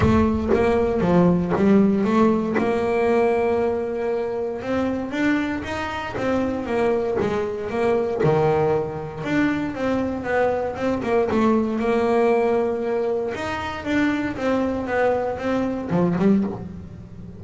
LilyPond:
\new Staff \with { instrumentName = "double bass" } { \time 4/4 \tempo 4 = 117 a4 ais4 f4 g4 | a4 ais2.~ | ais4 c'4 d'4 dis'4 | c'4 ais4 gis4 ais4 |
dis2 d'4 c'4 | b4 c'8 ais8 a4 ais4~ | ais2 dis'4 d'4 | c'4 b4 c'4 f8 g8 | }